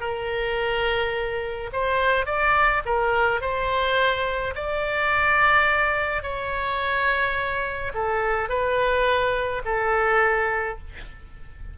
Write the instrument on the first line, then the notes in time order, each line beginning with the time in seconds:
oboe
0.00 A#4
1.72 C5
2.26 D5
2.85 A#4
3.41 C5
4.55 D5
6.22 C#5
7.94 A4
8.49 B4
9.65 A4